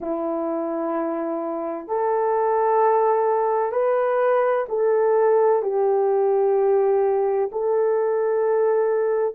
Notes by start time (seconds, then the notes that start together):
0.00 E4
1.87 A4
3.72 B4
4.68 A4
5.62 G4
7.52 A4